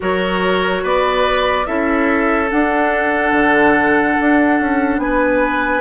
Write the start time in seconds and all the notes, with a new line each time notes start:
0.00 F#3 F#4 A#4 C#5
0.83 B3 B4 D5
1.66 C#4 E4 A4 E5
2.48 D4 F#5
3.32 D3
4.20 D4
4.60 C#4
4.98 B3 B4 G#5